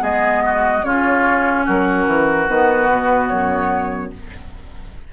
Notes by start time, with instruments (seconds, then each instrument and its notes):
0.00 bassoon G#3, clarinet B3, oboe G#4, flute D#5
0.45 oboe F#4
0.83 bassoon C#3, clarinet C#4, oboe F4, flute C#5
1.66 bassoon F#3, oboe F#4, flute A#4
2.07 bassoon E3
2.49 bassoon D#3, clarinet B3, flute B4
2.90 bassoon B2
3.28 bassoon F#2, flute C#5